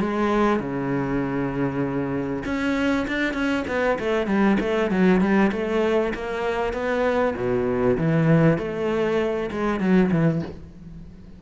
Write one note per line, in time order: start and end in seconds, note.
0.00 0.60 G#3
0.60 2.43 C#3
2.45 3.06 C#4
3.08 3.34 D4
3.34 3.64 C#4
3.68 3.98 B3
3.99 4.27 A3
4.27 4.58 G3
4.60 4.91 A3
4.91 5.21 F#3
5.21 5.51 G3
5.52 6.13 A3
6.14 6.73 A#3
6.73 7.34 B3
7.36 7.97 B2
7.98 8.58 E3
8.58 9.50 A3
9.51 9.80 G#3
9.80 10.11 F#3
10.12 10.42 E3